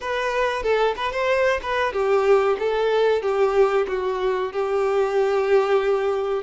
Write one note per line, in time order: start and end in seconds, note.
0.01 0.62 B4
0.62 0.94 A4
0.96 1.11 B4
1.11 1.60 C5
1.62 1.92 B4
1.92 2.57 G4
2.58 3.21 A4
3.21 3.86 G4
3.87 4.52 F#4
4.52 6.43 G4